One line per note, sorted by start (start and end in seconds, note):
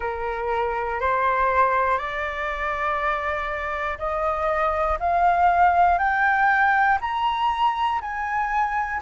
0.00 1.00 A#4
1.00 1.97 C5
1.97 3.98 D5
3.98 4.98 D#5
5.00 5.98 F5
5.98 6.98 G5
7.00 8.00 A#5
8.00 9.00 G#5